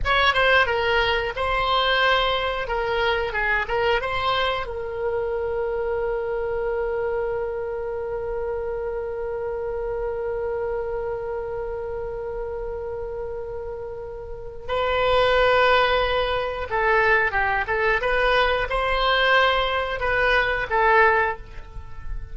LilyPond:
\new Staff \with { instrumentName = "oboe" } { \time 4/4 \tempo 4 = 90 cis''8 c''8 ais'4 c''2 | ais'4 gis'8 ais'8 c''4 ais'4~ | ais'1~ | ais'1~ |
ais'1~ | ais'2 b'2~ | b'4 a'4 g'8 a'8 b'4 | c''2 b'4 a'4 | }